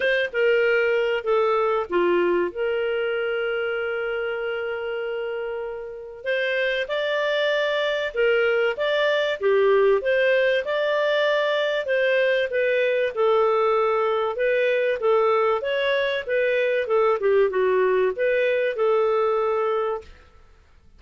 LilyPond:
\new Staff \with { instrumentName = "clarinet" } { \time 4/4 \tempo 4 = 96 c''8 ais'4. a'4 f'4 | ais'1~ | ais'2 c''4 d''4~ | d''4 ais'4 d''4 g'4 |
c''4 d''2 c''4 | b'4 a'2 b'4 | a'4 cis''4 b'4 a'8 g'8 | fis'4 b'4 a'2 | }